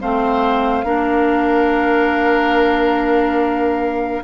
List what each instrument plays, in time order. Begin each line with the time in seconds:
0.00 bassoon A3, clarinet C4, oboe C5, flute F5
0.83 bassoon A#3, clarinet D4, oboe A#4